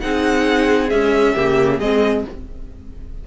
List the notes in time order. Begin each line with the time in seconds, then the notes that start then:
0.00 C4 D#4 G#4 F#5
0.89 G#3 C#4 E5
1.34 C#3 A#3 G4
1.78 G#3 C4 G#4 D#5